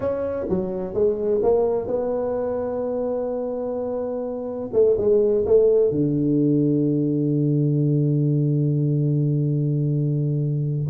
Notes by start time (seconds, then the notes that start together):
0.00 C#4
0.49 F#3
0.94 G#3
1.42 A#3
1.87 B3
4.72 A3
4.97 G#3
5.45 A3
5.91 D3